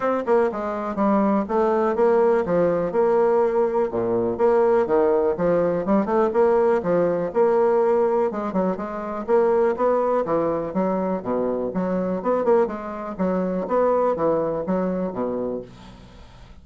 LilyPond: \new Staff \with { instrumentName = "bassoon" } { \time 4/4 \tempo 4 = 123 c'8 ais8 gis4 g4 a4 | ais4 f4 ais2 | ais,4 ais4 dis4 f4 | g8 a8 ais4 f4 ais4~ |
ais4 gis8 fis8 gis4 ais4 | b4 e4 fis4 b,4 | fis4 b8 ais8 gis4 fis4 | b4 e4 fis4 b,4 | }